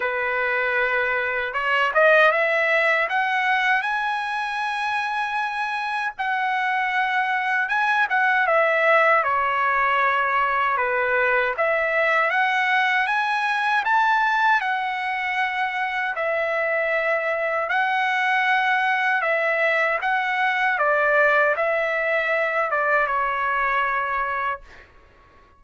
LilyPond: \new Staff \with { instrumentName = "trumpet" } { \time 4/4 \tempo 4 = 78 b'2 cis''8 dis''8 e''4 | fis''4 gis''2. | fis''2 gis''8 fis''8 e''4 | cis''2 b'4 e''4 |
fis''4 gis''4 a''4 fis''4~ | fis''4 e''2 fis''4~ | fis''4 e''4 fis''4 d''4 | e''4. d''8 cis''2 | }